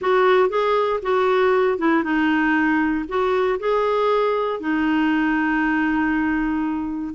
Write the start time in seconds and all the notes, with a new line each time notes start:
0.01 F#4
0.49 G#4
1.02 F#4
1.78 E4
2.03 D#4
3.08 F#4
3.59 G#4
4.60 D#4